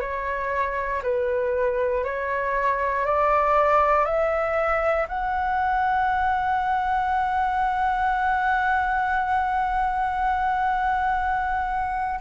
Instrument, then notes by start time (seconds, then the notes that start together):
flute
0.00 C#5
1.02 B4
2.03 C#5
3.05 D5
4.04 E5
5.08 F#5